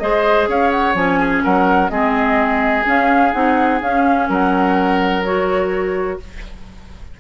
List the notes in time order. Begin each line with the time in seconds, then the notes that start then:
0.00 G#3 G#4 C5 D#5
0.49 C#4 C#5 F5
0.72 F#5
0.95 F3 C#4 G#5
1.20 G#4
1.44 F#3 A#4 F#5
1.90 G#3 C4 G#4 D#5
2.84 C#4 F5
3.33 C4 D#4 F#5
3.82 C#4 F5
4.30 F#3 A#4 F#5
5.25 F#4 C#5